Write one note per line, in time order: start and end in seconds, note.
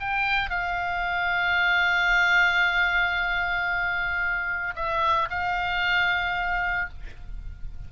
0.00 0.50 G5
0.50 4.75 F5
4.76 5.29 E5
5.30 6.89 F5